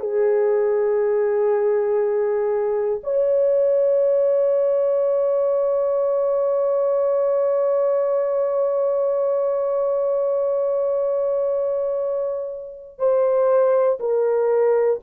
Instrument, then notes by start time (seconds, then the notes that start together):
horn
0.00 G#4
3.04 C#5
12.99 C5
14.00 A#4